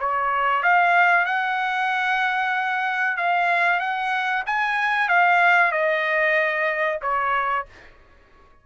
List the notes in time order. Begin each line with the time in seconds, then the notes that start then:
0.00 C#5
0.63 F5
1.26 F#5
3.17 F5
3.79 F#5
4.47 G#5
5.09 F5
5.72 D#5
7.02 C#5